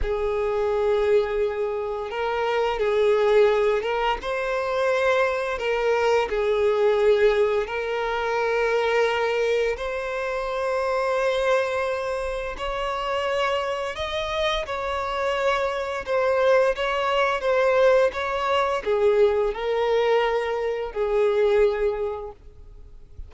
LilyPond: \new Staff \with { instrumentName = "violin" } { \time 4/4 \tempo 4 = 86 gis'2. ais'4 | gis'4. ais'8 c''2 | ais'4 gis'2 ais'4~ | ais'2 c''2~ |
c''2 cis''2 | dis''4 cis''2 c''4 | cis''4 c''4 cis''4 gis'4 | ais'2 gis'2 | }